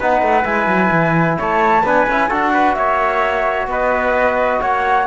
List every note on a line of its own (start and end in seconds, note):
0.00 0.22 B3
0.00 0.44 D#4
0.00 1.38 B4
0.00 0.45 F#5
0.22 0.45 A3
0.44 0.67 G#3
0.44 1.82 E4
0.44 1.37 G#5
0.67 0.90 F#3
0.92 1.38 E3
1.39 1.84 A3
1.39 1.85 C#5
1.39 1.88 A5
1.84 2.07 B3
1.84 2.08 D4
1.84 2.29 B4
1.84 2.33 G#5
2.07 2.30 C#4
2.07 2.30 E4
2.29 2.77 D4
2.29 5.07 F#4
2.29 2.52 A4
2.29 2.75 F#5
2.54 2.77 B4
2.75 3.68 A#3
2.75 3.70 C#5
2.75 3.67 E5
3.68 4.60 B3
3.68 4.62 B4
3.68 4.62 D#5
4.62 5.08 A#3
4.62 5.08 C#5
4.62 5.08 F#5